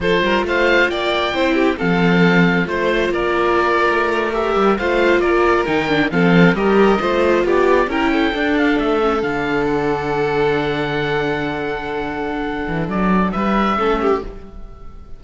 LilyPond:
<<
  \new Staff \with { instrumentName = "oboe" } { \time 4/4 \tempo 4 = 135 c''4 f''4 g''2 | f''2 c''4 d''4~ | d''4.~ d''16 e''4 f''4 d''16~ | d''8. g''4 f''4 dis''4~ dis''16~ |
dis''8. d''4 g''4. f''8 e''16~ | e''8. f''4 fis''2~ fis''16~ | fis''1~ | fis''4 d''4 e''2 | }
  \new Staff \with { instrumentName = "violin" } { \time 4/4 a'8 ais'8 c''4 d''4 c''8 g'8 | a'2 c''4 ais'4~ | ais'2~ ais'8. c''4 ais'16~ | ais'4.~ ais'16 a'4 ais'4 c''16~ |
c''8. g'4 ais'8 a'4.~ a'16~ | a'1~ | a'1~ | a'2 b'4 a'8 g'8 | }
  \new Staff \with { instrumentName = "viola" } { \time 4/4 f'2. e'4 | c'2 f'2~ | f'4.~ f'16 g'4 f'4~ f'16~ | f'8. dis'8 d'8 c'4 g'4 f'16~ |
f'4.~ f'16 e'4 d'4~ d'16~ | d'16 cis'8 d'2.~ d'16~ | d'1~ | d'2. cis'4 | }
  \new Staff \with { instrumentName = "cello" } { \time 4/4 f8 g8 a4 ais4 c'4 | f2 a4 ais4~ | ais8. a4. g8 a4 ais16~ | ais8. dis4 f4 g4 a16~ |
a8. b4 cis'4 d'4 a16~ | a8. d2.~ d16~ | d1~ | d8 e8 fis4 g4 a4 | }
>>